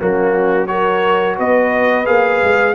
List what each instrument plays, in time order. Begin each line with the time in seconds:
0.00 tuba F#3, trombone A#3, horn C#4, trumpet F#4
0.67 trombone F#4, horn A#4, trumpet C#5
1.37 tuba B3, horn B4, trumpet D#5
2.06 tuba A#3, trombone G#4, trumpet F5
2.43 tuba G#3